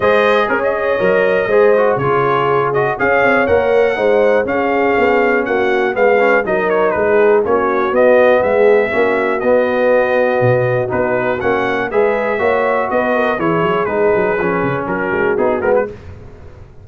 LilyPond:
<<
  \new Staff \with { instrumentName = "trumpet" } { \time 4/4 \tempo 4 = 121 dis''4 ais'16 dis''2~ dis''8. | cis''4. dis''8 f''4 fis''4~ | fis''4 f''2 fis''4 | f''4 dis''8 cis''8 b'4 cis''4 |
dis''4 e''2 dis''4~ | dis''2 b'4 fis''4 | e''2 dis''4 cis''4 | b'2 ais'4 gis'8 ais'16 b'16 | }
  \new Staff \with { instrumentName = "horn" } { \time 4/4 c''4 cis''2 c''4 | gis'2 cis''2 | c''4 gis'2 fis'4 | b'4 ais'4 gis'4 fis'4~ |
fis'4 gis'4 fis'2~ | fis'1 | b'4 cis''4 b'8 ais'8 gis'4~ | gis'2 fis'2 | }
  \new Staff \with { instrumentName = "trombone" } { \time 4/4 gis'2 ais'4 gis'8 fis'8 | f'4. fis'8 gis'4 ais'4 | dis'4 cis'2. | b8 cis'8 dis'2 cis'4 |
b2 cis'4 b4~ | b2 dis'4 cis'4 | gis'4 fis'2 e'4 | dis'4 cis'2 dis'8 b8 | }
  \new Staff \with { instrumentName = "tuba" } { \time 4/4 gis4 cis'4 fis4 gis4 | cis2 cis'8 c'8 ais4 | gis4 cis'4 b4 ais4 | gis4 fis4 gis4 ais4 |
b4 gis4 ais4 b4~ | b4 b,4 b4 ais4 | gis4 ais4 b4 e8 fis8 | gis8 fis8 f8 cis8 fis8 gis8 b8 gis8 | }
>>